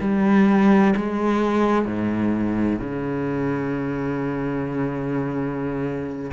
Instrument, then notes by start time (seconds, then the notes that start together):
cello
0.00 G3
0.95 G#3
1.85 G#2
2.79 C#3